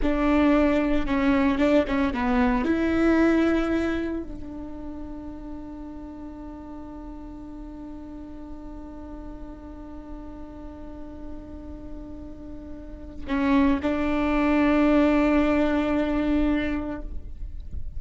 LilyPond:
\new Staff \with { instrumentName = "viola" } { \time 4/4 \tempo 4 = 113 d'2 cis'4 d'8 cis'8 | b4 e'2. | d'1~ | d'1~ |
d'1~ | d'1~ | d'4 cis'4 d'2~ | d'1 | }